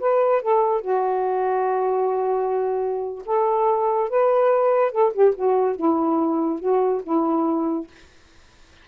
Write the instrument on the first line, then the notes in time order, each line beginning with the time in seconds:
saxophone
0.00 B4
0.42 A4
0.81 F#4
3.26 A4
4.10 B4
4.92 A4
5.13 G4
5.35 F#4
5.76 E4
6.60 F#4
7.03 E4